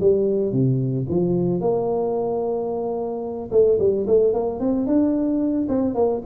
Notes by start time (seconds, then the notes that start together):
0.00 G3
0.52 C3
1.09 F3
1.60 A#3
3.51 A3
3.79 G3
4.07 A3
4.33 A#3
4.59 C4
4.86 D4
5.69 C4
5.94 A#3